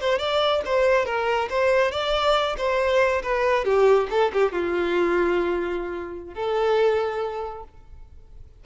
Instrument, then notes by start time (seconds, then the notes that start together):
violin
0.00 C5
0.19 D5
0.66 C5
1.05 A#4
1.50 C5
1.91 D5
2.57 C5
3.22 B4
3.65 G4
4.10 A4
4.33 G4
4.52 F4
6.34 A4